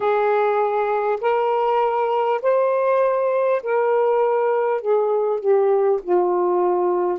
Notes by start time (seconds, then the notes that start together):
0.00 G#4
1.21 A#4
2.42 C5
3.62 A#4
4.81 G#4
5.40 G4
6.02 F4